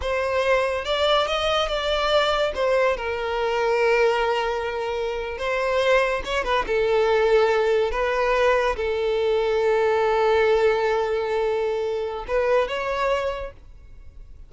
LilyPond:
\new Staff \with { instrumentName = "violin" } { \time 4/4 \tempo 4 = 142 c''2 d''4 dis''4 | d''2 c''4 ais'4~ | ais'1~ | ais'8. c''2 cis''8 b'8 a'16~ |
a'2~ a'8. b'4~ b'16~ | b'8. a'2.~ a'16~ | a'1~ | a'4 b'4 cis''2 | }